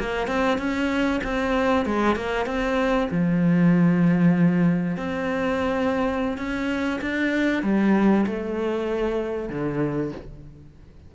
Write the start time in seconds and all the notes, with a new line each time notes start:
0.00 A#3
0.28 C4
0.59 C#4
1.24 C4
1.86 G#3
2.16 A#3
2.46 C4
3.11 F3
4.97 C4
6.38 C#4
7.02 D4
7.63 G3
8.27 A3
9.50 D3